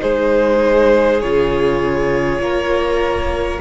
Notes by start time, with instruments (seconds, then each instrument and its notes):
0.00 cello G#3, viola D#4, violin G#4 C5
1.21 cello C#3, viola F4, violin C#5
2.39 cello A#3, violin A#4